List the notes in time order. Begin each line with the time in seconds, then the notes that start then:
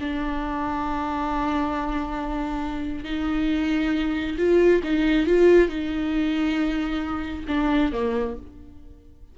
0.00 D4
3.04 D#4
4.38 F4
4.83 D#4
5.26 F4
5.69 D#4
7.48 D4
7.92 A#3